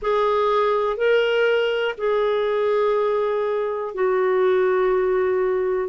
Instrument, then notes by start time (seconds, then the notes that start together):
clarinet
0.01 G#4
0.97 A#4
1.97 G#4
3.94 F#4